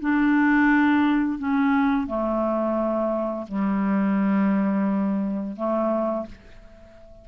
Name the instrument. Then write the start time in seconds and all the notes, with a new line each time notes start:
clarinet
0.00 D4
1.38 C#4
2.06 A3
3.48 G3
5.56 A3